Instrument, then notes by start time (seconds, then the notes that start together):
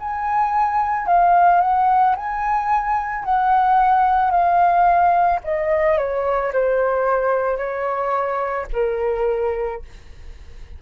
flute
0.00 G#5
1.07 F5
1.62 F#5
2.16 G#5
3.25 F#5
4.31 F5
5.44 D#5
5.98 C#5
6.53 C5
7.58 C#5
8.73 A#4